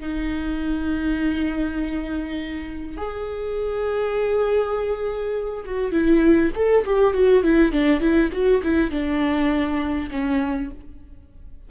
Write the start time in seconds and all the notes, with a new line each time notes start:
0.00 D#4
2.97 G#4
5.65 F#4
5.92 E4
6.55 A4
6.86 G4
7.13 F#4
7.43 E4
7.72 D4
8.00 E4
8.32 F#4
8.63 E4
8.91 D4
10.11 C#4